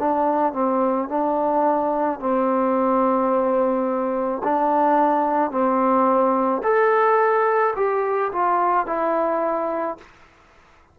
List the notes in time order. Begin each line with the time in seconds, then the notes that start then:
0.00 D4
0.54 C4
1.09 D4
2.20 C4
4.44 D4
5.52 C4
6.64 A4
7.76 G4
8.33 F4
8.87 E4